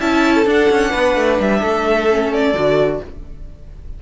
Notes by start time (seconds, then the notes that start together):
0.00 C#4 E4 E5 A5
0.35 A4
0.46 D4 F#5
0.70 C#4
0.91 B3 B4
1.16 A3
1.40 G3 E5
1.60 A3 A4
2.11 C#4
2.33 D5
2.54 D3 F#4